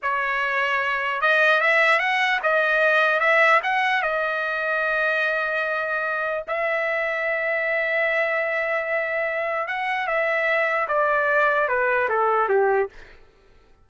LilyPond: \new Staff \with { instrumentName = "trumpet" } { \time 4/4 \tempo 4 = 149 cis''2. dis''4 | e''4 fis''4 dis''2 | e''4 fis''4 dis''2~ | dis''1 |
e''1~ | e''1 | fis''4 e''2 d''4~ | d''4 b'4 a'4 g'4 | }